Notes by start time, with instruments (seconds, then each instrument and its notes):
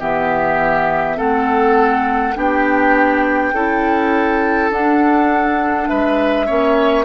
0.00 bassoon E3, clarinet B3, oboe G4, flute E5
1.16 bassoon A3, clarinet C4, oboe A4, flute F#5
2.36 bassoon B3, clarinet D4, oboe G4, flute G5
3.53 bassoon C#4, clarinet E4, oboe A4
4.71 bassoon D4, clarinet D4, flute F#5
5.88 bassoon G#3, oboe B4, flute E5
6.47 bassoon A#3, clarinet C#4, oboe C#5